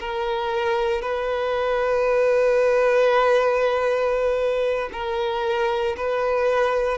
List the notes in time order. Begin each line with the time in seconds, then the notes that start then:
0.00 A#4
1.02 B4
4.93 A#4
5.97 B4